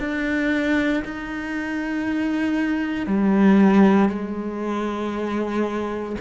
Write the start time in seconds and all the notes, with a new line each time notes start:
0.00 D4
1.05 D#4
3.07 G3
4.10 G#3